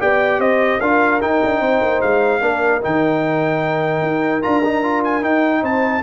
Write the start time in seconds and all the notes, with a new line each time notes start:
0.00 B3 G4 D5 G5
0.39 C4 C5 D#5
0.80 D4 F4 A#4 F5
1.21 D#4 G5
1.44 D4
1.60 C4 C5
1.81 A#3
2.02 G#3 F5
2.41 A#3 D4 A#4
2.82 D#3 D#4 G5
4.02 D#4
4.42 D4 F4 A#5
4.65 D#4
4.83 F4
5.04 G#5
5.22 D#4 G5
5.62 C4 C5 A5